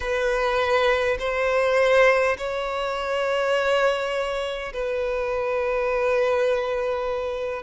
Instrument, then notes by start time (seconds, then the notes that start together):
violin
0.00 B4
1.19 C5
2.37 C#5
4.73 B4